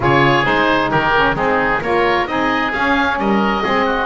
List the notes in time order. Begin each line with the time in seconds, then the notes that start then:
0.00 C#3 F4 G#4 C#5
0.43 G#3 D#4 C5
0.90 D#3 G4 A#4
1.15 C#4
1.34 G#3 C4 D#4 G#4
1.81 A#3 F4 A#4 C#5
2.26 C4 D#4 G#4 D#5
2.72 C#4 F5
3.17 G3 A#4 D#5
3.63 G#3 C4 G#4
3.85 F#4